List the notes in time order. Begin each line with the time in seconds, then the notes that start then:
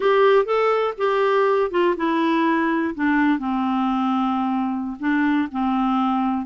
0.00 G4
0.45 A4
0.97 G4
1.70 F4
1.96 E4
2.94 D4
3.38 C4
4.99 D4
5.51 C4